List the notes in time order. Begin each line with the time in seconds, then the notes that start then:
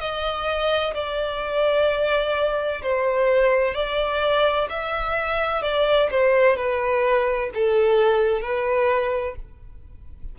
0.00 D#5
0.94 D5
2.83 C5
3.75 D5
4.70 E5
5.62 D5
6.11 C5
6.57 B4
7.54 A4
8.42 B4